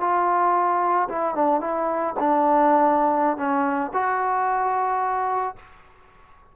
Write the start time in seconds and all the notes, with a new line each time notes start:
0.00 F4
1.09 E4
1.35 D4
1.60 E4
2.19 D4
3.37 C#4
3.93 F#4